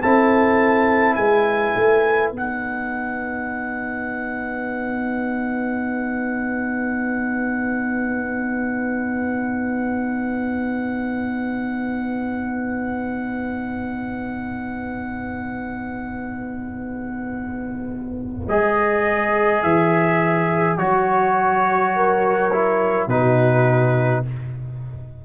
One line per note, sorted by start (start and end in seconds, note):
0.00 1.16 C4
0.00 2.34 E4
0.00 1.15 A4
0.00 1.15 A5
1.15 1.74 G#3
1.15 21.95 B4
1.15 2.31 G#5
1.75 2.31 A3
2.31 18.47 B3
2.31 18.49 D#4
2.31 18.48 F#5
18.48 19.63 G#3
18.48 20.78 G#4
18.48 19.63 D#5
19.63 20.78 E3
19.63 20.78 E5
20.78 23.07 F#3
20.78 22.51 F#4
20.78 23.09 C#5
21.95 23.10 A#4
22.52 23.10 E4
23.07 24.23 B2
23.07 24.25 D#4
23.07 24.25 F#4
23.07 24.24 B4